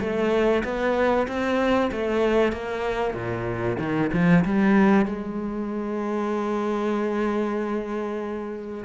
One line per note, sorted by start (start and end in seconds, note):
0.00 0.63 A3
0.64 1.27 B3
1.27 1.91 C4
1.92 2.52 A3
2.52 3.14 A#3
3.14 3.77 A#2
3.79 4.11 D#3
4.13 4.44 F3
4.45 5.06 G3
5.06 8.84 G#3